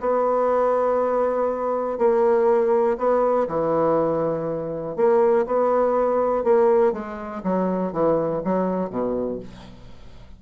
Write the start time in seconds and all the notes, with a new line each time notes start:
0.00 B3
1.98 A#3
2.98 B3
3.48 E3
4.96 A#3
5.46 B3
6.44 A#3
6.93 G#3
7.44 F#3
7.92 E3
8.44 F#3
8.90 B2